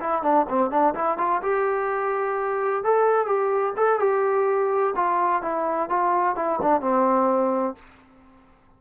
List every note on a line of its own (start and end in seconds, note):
0.00 0.22 E4
0.22 0.46 D4
0.49 0.70 C4
0.70 0.94 D4
0.94 1.18 E4
1.18 1.41 F4
1.42 2.84 G4
2.84 3.26 A4
3.26 3.73 G4
3.77 3.99 A4
3.99 4.94 G4
4.96 5.42 F4
5.42 5.89 E4
5.89 6.36 F4
6.36 6.59 E4
6.62 6.81 D4
6.81 7.75 C4